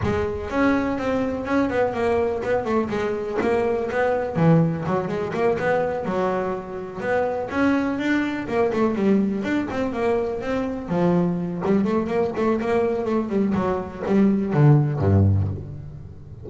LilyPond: \new Staff \with { instrumentName = "double bass" } { \time 4/4 \tempo 4 = 124 gis4 cis'4 c'4 cis'8 b8 | ais4 b8 a8 gis4 ais4 | b4 e4 fis8 gis8 ais8 b8~ | b8 fis2 b4 cis'8~ |
cis'8 d'4 ais8 a8 g4 d'8 | c'8 ais4 c'4 f4. | g8 a8 ais8 a8 ais4 a8 g8 | fis4 g4 d4 g,4 | }